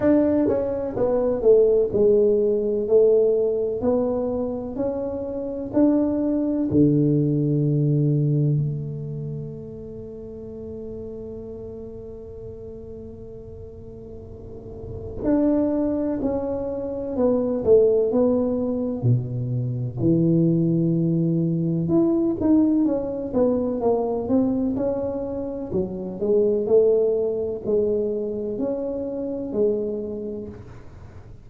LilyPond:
\new Staff \with { instrumentName = "tuba" } { \time 4/4 \tempo 4 = 63 d'8 cis'8 b8 a8 gis4 a4 | b4 cis'4 d'4 d4~ | d4 a2.~ | a1 |
d'4 cis'4 b8 a8 b4 | b,4 e2 e'8 dis'8 | cis'8 b8 ais8 c'8 cis'4 fis8 gis8 | a4 gis4 cis'4 gis4 | }